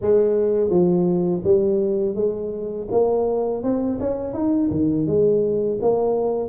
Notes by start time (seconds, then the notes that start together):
0.01 G#3
0.70 F3
1.44 G3
2.15 G#3
2.91 A#3
3.63 C4
4.00 C#4
4.33 D#4
4.70 D#3
5.06 G#3
5.81 A#3